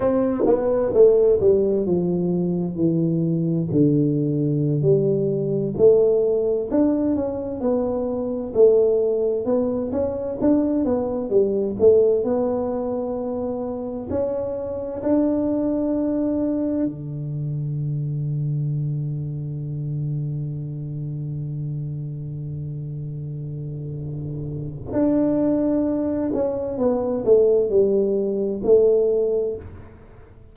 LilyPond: \new Staff \with { instrumentName = "tuba" } { \time 4/4 \tempo 4 = 65 c'8 b8 a8 g8 f4 e4 | d4~ d16 g4 a4 d'8 cis'16~ | cis'16 b4 a4 b8 cis'8 d'8 b16~ | b16 g8 a8 b2 cis'8.~ |
cis'16 d'2 d4.~ d16~ | d1~ | d2. d'4~ | d'8 cis'8 b8 a8 g4 a4 | }